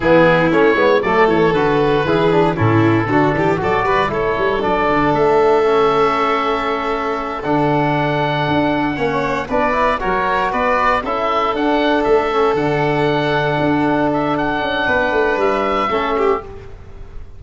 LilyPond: <<
  \new Staff \with { instrumentName = "oboe" } { \time 4/4 \tempo 4 = 117 gis'4 cis''4 d''8 cis''8 b'4~ | b'4 a'2 d''4 | cis''4 d''4 e''2~ | e''2~ e''8 fis''4.~ |
fis''2~ fis''8 d''4 cis''8~ | cis''8 d''4 e''4 fis''4 e''8~ | e''8 fis''2. e''8 | fis''2 e''2 | }
  \new Staff \with { instrumentName = "violin" } { \time 4/4 e'2 a'2 | gis'4 e'4 fis'8 g'8 a'8 b'8 | a'1~ | a'1~ |
a'4. cis''4 b'4 ais'8~ | ais'8 b'4 a'2~ a'8~ | a'1~ | a'4 b'2 a'8 g'8 | }
  \new Staff \with { instrumentName = "trombone" } { \time 4/4 b4 cis'8 b8 a4 fis'4 | e'8 d'8 cis'4 d'4 fis'4 | e'4 d'2 cis'4~ | cis'2~ cis'8 d'4.~ |
d'4. cis'4 d'8 e'8 fis'8~ | fis'4. e'4 d'4. | cis'8 d'2.~ d'8~ | d'2. cis'4 | }
  \new Staff \with { instrumentName = "tuba" } { \time 4/4 e4 a8 gis8 fis8 e8 d4 | e4 a,4 d8 e8 fis8 g8 | a8 g8 fis8 d8 a2~ | a2~ a8 d4.~ |
d8 d'4 ais4 b4 fis8~ | fis8 b4 cis'4 d'4 a8~ | a8 d2 d'4.~ | d'8 cis'8 b8 a8 g4 a4 | }
>>